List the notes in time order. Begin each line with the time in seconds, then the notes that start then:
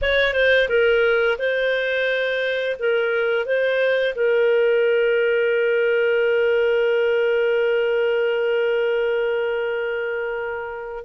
0.01 C#5
0.33 C5
0.69 A#4
1.38 C5
2.79 A#4
3.45 C5
4.15 A#4